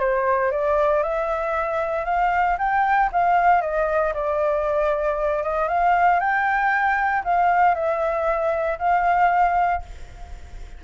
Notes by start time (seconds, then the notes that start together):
0.00 C5
0.52 D5
1.03 E5
2.05 F5
2.58 G5
3.13 F5
3.62 D#5
4.14 D5
5.43 D#5
5.69 F5
6.20 G5
7.24 F5
7.75 E5
8.79 F5